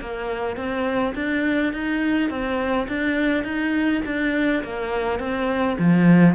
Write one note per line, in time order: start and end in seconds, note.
0.00 0.56 A#3
0.56 1.14 C4
1.15 1.72 D4
1.73 2.29 D#4
2.29 2.87 C4
2.88 3.44 D4
3.44 4.01 D#4
4.05 4.63 D4
4.63 5.19 A#3
5.19 5.77 C4
5.78 6.35 F3